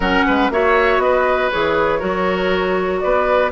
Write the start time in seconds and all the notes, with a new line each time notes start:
0.00 F#3 C#4 A#4 F#5
0.26 G#3 B4
0.50 A#3 F#4 C#5 E5
0.98 B3 B4 D#5
1.51 E3 G#4 C#5
1.99 F#3 F#4 A#4
2.99 B3 B4 D5